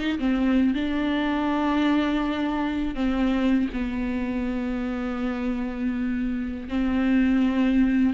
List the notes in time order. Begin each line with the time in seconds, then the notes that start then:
0.00 D#4
0.19 C4
0.74 D4
2.95 C4
3.73 B3
6.69 C4